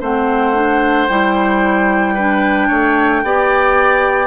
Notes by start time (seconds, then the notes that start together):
0.00 A3 C4 C5 F#5
0.55 D4
1.08 G3 E4 G5
2.14 D4 B4
2.67 A3 C#5
3.24 B3 G4 D5